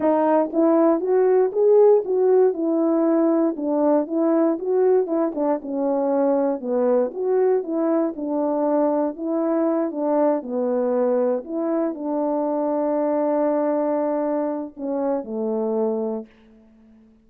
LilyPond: \new Staff \with { instrumentName = "horn" } { \time 4/4 \tempo 4 = 118 dis'4 e'4 fis'4 gis'4 | fis'4 e'2 d'4 | e'4 fis'4 e'8 d'8 cis'4~ | cis'4 b4 fis'4 e'4 |
d'2 e'4. d'8~ | d'8 b2 e'4 d'8~ | d'1~ | d'4 cis'4 a2 | }